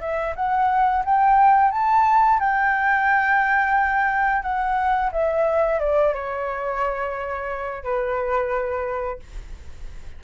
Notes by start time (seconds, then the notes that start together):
0.00 E5
0.35 F#5
1.04 G5
1.71 A5
2.39 G5
4.42 F#5
5.12 E5
5.79 D5
6.14 C#5
7.83 B4